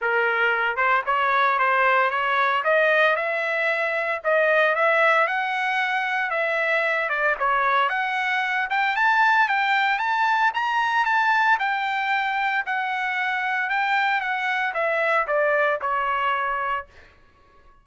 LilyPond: \new Staff \with { instrumentName = "trumpet" } { \time 4/4 \tempo 4 = 114 ais'4. c''8 cis''4 c''4 | cis''4 dis''4 e''2 | dis''4 e''4 fis''2 | e''4. d''8 cis''4 fis''4~ |
fis''8 g''8 a''4 g''4 a''4 | ais''4 a''4 g''2 | fis''2 g''4 fis''4 | e''4 d''4 cis''2 | }